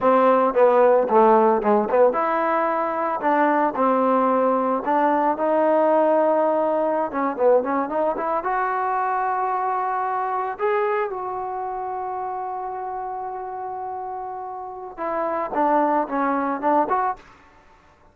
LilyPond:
\new Staff \with { instrumentName = "trombone" } { \time 4/4 \tempo 4 = 112 c'4 b4 a4 gis8 b8 | e'2 d'4 c'4~ | c'4 d'4 dis'2~ | dis'4~ dis'16 cis'8 b8 cis'8 dis'8 e'8 fis'16~ |
fis'2.~ fis'8. gis'16~ | gis'8. fis'2.~ fis'16~ | fis'1 | e'4 d'4 cis'4 d'8 fis'8 | }